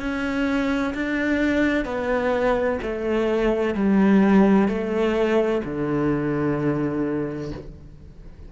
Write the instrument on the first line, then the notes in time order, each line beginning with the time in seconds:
cello
0.00 C#4
0.94 D4
1.85 B3
2.82 A3
3.75 G3
4.68 A3
5.65 D3